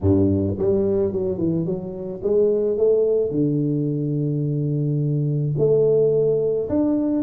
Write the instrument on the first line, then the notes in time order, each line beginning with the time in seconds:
tuba
0.01 G2
0.58 G3
1.12 F#3
1.38 E3
1.65 F#3
2.23 G#3
2.77 A3
3.31 D3
5.57 A3
6.69 D4